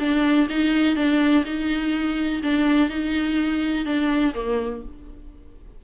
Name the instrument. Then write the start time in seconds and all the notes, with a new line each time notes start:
viola
0.00 D4
0.50 D#4
0.96 D4
1.45 D#4
2.43 D4
2.90 D#4
3.86 D4
4.35 A#3